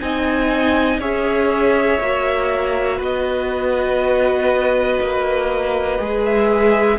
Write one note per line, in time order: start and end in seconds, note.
0.00 0.99 C4
0.00 1.00 D#4
0.00 0.99 D#5
0.00 1.00 G#5
0.99 1.99 C#4
0.99 2.00 G#4
0.99 2.97 C#5
0.99 3.01 E5
2.00 2.99 A#3
2.00 5.98 F#4
2.97 4.99 B3
2.97 6.97 B4
2.97 6.25 D#5
5.00 5.99 A#3
5.98 6.98 G#3
5.98 6.98 G#4
6.25 6.98 E5